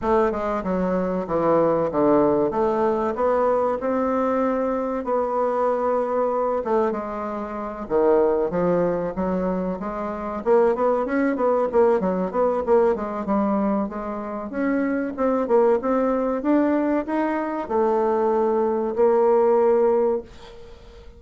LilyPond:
\new Staff \with { instrumentName = "bassoon" } { \time 4/4 \tempo 4 = 95 a8 gis8 fis4 e4 d4 | a4 b4 c'2 | b2~ b8 a8 gis4~ | gis8 dis4 f4 fis4 gis8~ |
gis8 ais8 b8 cis'8 b8 ais8 fis8 b8 | ais8 gis8 g4 gis4 cis'4 | c'8 ais8 c'4 d'4 dis'4 | a2 ais2 | }